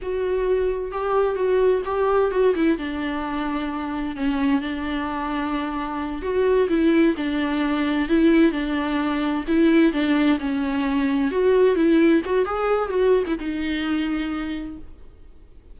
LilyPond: \new Staff \with { instrumentName = "viola" } { \time 4/4 \tempo 4 = 130 fis'2 g'4 fis'4 | g'4 fis'8 e'8 d'2~ | d'4 cis'4 d'2~ | d'4. fis'4 e'4 d'8~ |
d'4. e'4 d'4.~ | d'8 e'4 d'4 cis'4.~ | cis'8 fis'4 e'4 fis'8 gis'4 | fis'8. e'16 dis'2. | }